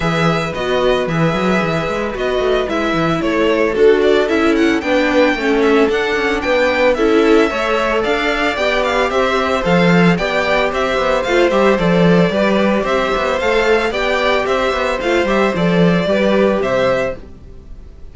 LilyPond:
<<
  \new Staff \with { instrumentName = "violin" } { \time 4/4 \tempo 4 = 112 e''4 dis''4 e''2 | dis''4 e''4 cis''4 a'8 d''8 | e''8 fis''8 g''4. e''8 fis''4 | g''4 e''2 f''4 |
g''8 f''8 e''4 f''4 g''4 | e''4 f''8 e''8 d''2 | e''4 f''4 g''4 e''4 | f''8 e''8 d''2 e''4 | }
  \new Staff \with { instrumentName = "violin" } { \time 4/4 b'1~ | b'2 a'2~ | a'4 b'4 a'2 | b'4 a'4 cis''4 d''4~ |
d''4 c''2 d''4 | c''2. b'4 | c''2 d''4 c''4~ | c''2 b'4 c''4 | }
  \new Staff \with { instrumentName = "viola" } { \time 4/4 gis'4 fis'4 gis'2 | fis'4 e'2 fis'4 | e'4 d'4 cis'4 d'4~ | d'4 e'4 a'2 |
g'2 a'4 g'4~ | g'4 f'8 g'8 a'4 g'4~ | g'4 a'4 g'2 | f'8 g'8 a'4 g'2 | }
  \new Staff \with { instrumentName = "cello" } { \time 4/4 e4 b4 e8 fis8 e8 gis8 | b8 a8 gis8 e8 a4 d'4 | cis'4 b4 a4 d'8 cis'8 | b4 cis'4 a4 d'4 |
b4 c'4 f4 b4 | c'8 b8 a8 g8 f4 g4 | c'8 b8 a4 b4 c'8 b8 | a8 g8 f4 g4 c4 | }
>>